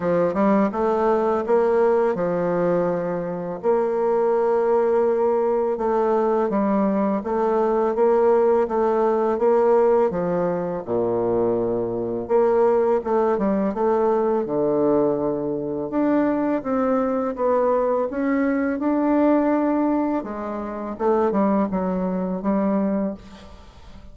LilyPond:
\new Staff \with { instrumentName = "bassoon" } { \time 4/4 \tempo 4 = 83 f8 g8 a4 ais4 f4~ | f4 ais2. | a4 g4 a4 ais4 | a4 ais4 f4 ais,4~ |
ais,4 ais4 a8 g8 a4 | d2 d'4 c'4 | b4 cis'4 d'2 | gis4 a8 g8 fis4 g4 | }